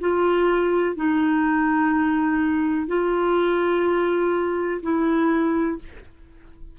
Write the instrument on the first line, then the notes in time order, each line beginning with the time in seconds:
clarinet
0.00 F4
0.96 D#4
2.87 F4
4.82 E4